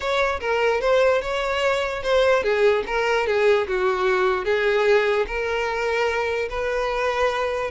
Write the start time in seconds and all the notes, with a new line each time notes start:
0.00 C#5
0.40 A#4
0.81 C5
1.21 C#5
2.02 C5
2.43 G#4
2.86 A#4
3.26 G#4
3.67 F#4
4.44 G#4
5.27 A#4
6.49 B4